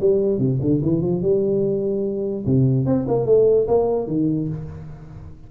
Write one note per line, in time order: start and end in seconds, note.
0.00 0.38 G3
0.38 0.59 C3
0.61 0.81 D3
0.82 1.01 E3
1.01 1.22 F3
1.22 2.45 G3
2.46 2.85 C3
2.85 3.06 C4
3.07 3.26 A#3
3.26 3.67 A3
3.67 4.07 A#3
4.07 4.48 D#3